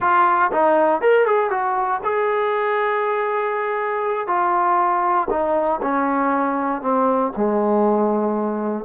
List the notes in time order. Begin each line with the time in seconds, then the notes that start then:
0.00 F4
0.52 D#4
1.01 A#4
1.25 G#4
1.50 F#4
2.03 G#4
4.27 F4
5.29 D#4
5.82 C#4
6.81 C4
7.36 G#3